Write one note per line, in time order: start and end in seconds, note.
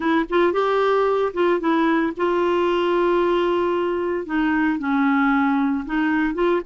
0.00 0.25 E4
0.29 0.52 F4
0.52 1.32 G4
1.33 1.59 F4
1.59 2.12 E4
2.16 4.26 F4
4.26 4.78 D#4
4.78 5.85 C#4
5.85 6.34 D#4
6.34 6.61 F4